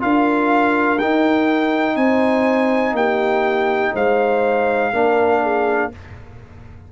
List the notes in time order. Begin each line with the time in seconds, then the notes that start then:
0.00 D4 F4 A#4 F5
0.99 D#4 G5
1.96 C4 C5 G#5
2.92 A#3 G4 G5
3.93 G#3 C5 F5
4.93 A#3 D4 A#4
5.42 G#4